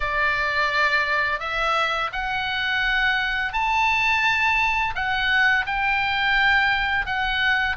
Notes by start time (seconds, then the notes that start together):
0.00 D5
1.39 E5
2.12 F#5
3.52 A5
4.95 F#5
5.66 G5
7.06 F#5